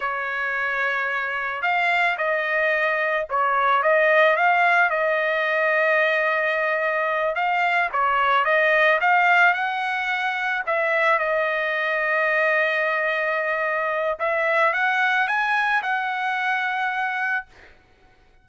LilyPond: \new Staff \with { instrumentName = "trumpet" } { \time 4/4 \tempo 4 = 110 cis''2. f''4 | dis''2 cis''4 dis''4 | f''4 dis''2.~ | dis''4. f''4 cis''4 dis''8~ |
dis''8 f''4 fis''2 e''8~ | e''8 dis''2.~ dis''8~ | dis''2 e''4 fis''4 | gis''4 fis''2. | }